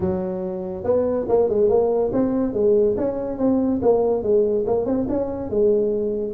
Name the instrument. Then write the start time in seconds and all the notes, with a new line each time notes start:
tuba
0.00 F#3
0.84 B3
1.28 A#3
1.49 G#3
1.69 A#3
2.12 C4
2.53 G#3
2.97 C#4
3.38 C4
3.82 A#3
4.22 G#3
4.66 A#3
4.85 C4
5.08 C#4
5.49 G#3